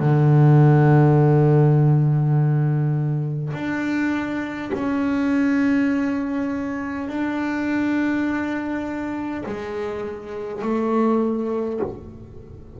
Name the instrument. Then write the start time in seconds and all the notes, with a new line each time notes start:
double bass
0.00 D3
3.53 D4
4.73 C#4
7.09 D4
9.46 G#3
10.62 A3